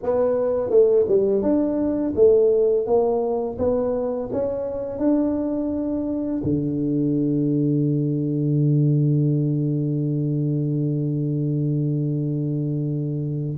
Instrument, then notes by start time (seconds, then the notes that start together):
tuba
0.02 B3
0.70 A3
1.07 G3
1.42 D4
2.15 A3
2.86 A#3
3.58 B3
4.32 C#4
4.98 D4
6.43 D3